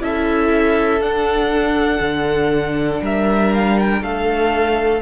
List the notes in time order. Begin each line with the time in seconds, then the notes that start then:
0.00 C#4 E4 A4 E5
1.01 D4 F#5
2.00 D3
3.02 G3 A#4 E5
3.54 F5
3.79 G5
4.01 A3 A4 F5